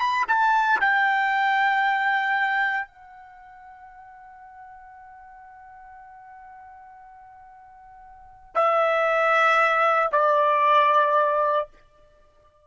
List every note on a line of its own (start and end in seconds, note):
0.00 0.26 B5
0.28 0.80 A5
0.81 2.88 G5
2.88 8.55 F#5
8.55 10.10 E5
10.13 11.68 D5